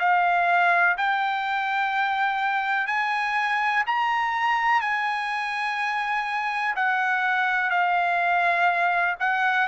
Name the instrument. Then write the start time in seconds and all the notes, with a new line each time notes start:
trumpet
0.00 F5
0.98 G5
2.87 G#5
3.87 A#5
4.81 G#5
6.76 F#5
7.71 F5
9.20 F#5